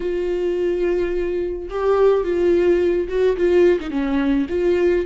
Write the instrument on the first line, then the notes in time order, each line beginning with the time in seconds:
viola
0.00 F4
1.69 G4
2.24 F4
3.08 F#4
3.36 F4
3.80 D#4
3.90 C#4
4.49 F4